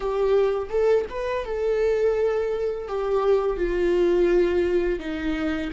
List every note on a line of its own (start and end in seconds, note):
0.00 0.68 G4
0.69 1.05 A4
1.09 1.45 B4
1.45 2.87 A4
2.87 3.56 G4
3.56 4.99 F4
4.99 5.70 D#4